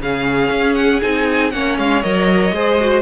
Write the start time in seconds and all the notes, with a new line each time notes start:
0.00 C#3 C#4 G#4 F5
0.51 C#4
0.76 F#5
1.02 C4 D#4 G#5
1.51 A#3 C#4 C#5 F#5
1.79 G#3 F5
2.03 F#3 A#4 D#5
2.52 G#3 G#4 C5
2.81 F#4